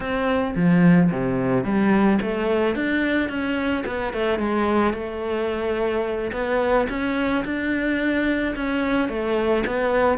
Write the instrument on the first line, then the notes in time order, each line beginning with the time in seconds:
cello
0.00 C4
0.55 F3
1.11 C3
1.64 G3
2.21 A3
2.75 D4
3.29 C#4
3.86 B3
4.13 A3
4.39 G#3
4.93 A3
6.32 B3
6.89 C#4
7.45 D4
8.55 C#4
9.09 A3
9.66 B3